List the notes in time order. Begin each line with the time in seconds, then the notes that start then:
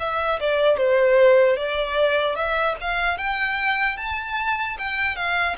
0.00 E5
0.41 D5
0.77 C5
1.57 D5
2.36 E5
2.81 F5
3.18 G5
3.98 A5
4.79 G5
5.16 F5